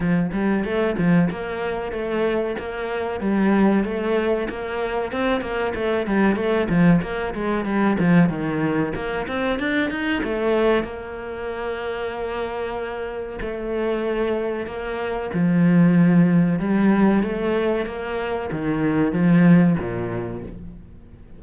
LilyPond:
\new Staff \with { instrumentName = "cello" } { \time 4/4 \tempo 4 = 94 f8 g8 a8 f8 ais4 a4 | ais4 g4 a4 ais4 | c'8 ais8 a8 g8 a8 f8 ais8 gis8 | g8 f8 dis4 ais8 c'8 d'8 dis'8 |
a4 ais2.~ | ais4 a2 ais4 | f2 g4 a4 | ais4 dis4 f4 ais,4 | }